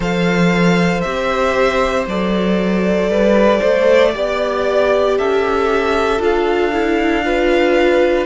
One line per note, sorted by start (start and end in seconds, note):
0.00 1.03 F3
0.00 1.03 A4
0.00 3.09 C5
0.00 1.01 F5
1.01 2.07 C4
1.01 2.07 G4
1.01 2.04 E5
2.07 3.08 F#3
2.07 4.14 A4
2.07 5.17 D5
3.08 3.60 G3
3.08 3.59 B4
3.59 4.15 A3
3.59 4.11 C5
4.14 5.18 B3
4.14 6.19 G4
4.14 5.18 D5
5.17 6.19 C#4
5.17 7.25 A4
5.17 6.21 E5
6.19 8.26 D4
6.19 6.70 F4
6.19 8.26 F5
6.72 7.24 E4
7.24 8.26 F4
7.24 8.26 B4